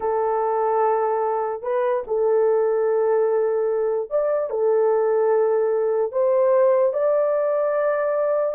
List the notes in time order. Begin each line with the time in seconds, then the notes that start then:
0.00 A4
1.62 B4
2.07 A4
4.09 D5
4.49 A4
6.12 C5
6.93 D5